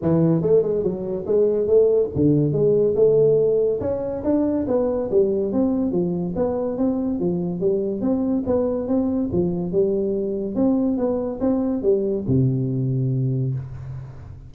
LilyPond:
\new Staff \with { instrumentName = "tuba" } { \time 4/4 \tempo 4 = 142 e4 a8 gis8 fis4 gis4 | a4 d4 gis4 a4~ | a4 cis'4 d'4 b4 | g4 c'4 f4 b4 |
c'4 f4 g4 c'4 | b4 c'4 f4 g4~ | g4 c'4 b4 c'4 | g4 c2. | }